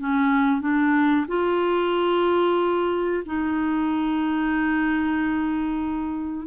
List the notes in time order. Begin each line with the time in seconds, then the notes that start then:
0.00 C#4
0.61 D4
1.28 F4
3.26 D#4